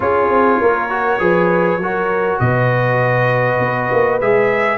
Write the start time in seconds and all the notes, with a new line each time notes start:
0.00 C#4 F4 G#4 C#5
0.29 C4
0.60 A#3 A#4
0.89 F#4
1.19 F3 G#4 B4
1.77 F#3 F#4 A#4
2.39 B2 B4 D#5
3.59 B3
3.92 A#3
4.20 G#3 G#4 E5